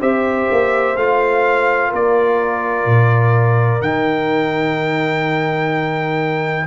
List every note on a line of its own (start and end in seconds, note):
0.00 0.49 C4
0.00 0.96 G4
0.00 1.90 C5
0.00 0.97 E5
0.52 0.97 A#3
0.97 1.92 A3
0.97 3.82 F4
0.97 1.92 F5
1.90 2.86 A#3
1.90 6.66 A#4
1.90 3.82 D5
2.86 3.81 A#2
3.81 6.67 D#3
3.81 6.67 D#4
3.81 6.67 G5